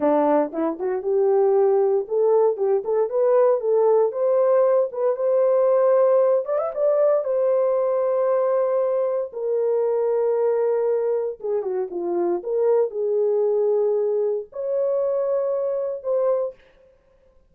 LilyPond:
\new Staff \with { instrumentName = "horn" } { \time 4/4 \tempo 4 = 116 d'4 e'8 fis'8 g'2 | a'4 g'8 a'8 b'4 a'4 | c''4. b'8 c''2~ | c''8 d''16 e''16 d''4 c''2~ |
c''2 ais'2~ | ais'2 gis'8 fis'8 f'4 | ais'4 gis'2. | cis''2. c''4 | }